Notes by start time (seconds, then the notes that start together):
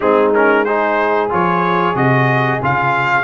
0.00 G#3 C4 D#4 G#4
0.34 C#4 A#4
0.65 D#4 G#4 C5
1.29 F3 F4 C#5
1.94 C3 F#4 D#5
2.61 C#3 F4 F5